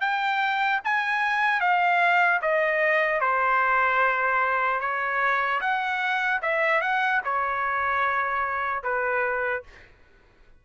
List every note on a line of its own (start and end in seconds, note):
0.00 0.80 G5
0.84 1.60 G#5
1.60 2.40 F5
2.41 3.20 D#5
3.20 4.80 C5
4.80 5.60 C#5
5.61 6.41 F#5
6.42 6.81 E5
6.81 7.21 F#5
7.24 8.83 C#5
8.83 9.63 B4